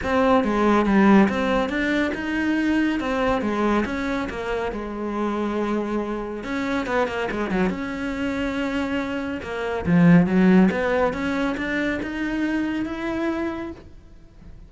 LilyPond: \new Staff \with { instrumentName = "cello" } { \time 4/4 \tempo 4 = 140 c'4 gis4 g4 c'4 | d'4 dis'2 c'4 | gis4 cis'4 ais4 gis4~ | gis2. cis'4 |
b8 ais8 gis8 fis8 cis'2~ | cis'2 ais4 f4 | fis4 b4 cis'4 d'4 | dis'2 e'2 | }